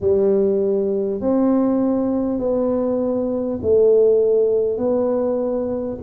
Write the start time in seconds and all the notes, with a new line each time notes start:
0.01 G3
1.21 C4
2.39 B3
3.62 A3
4.77 B3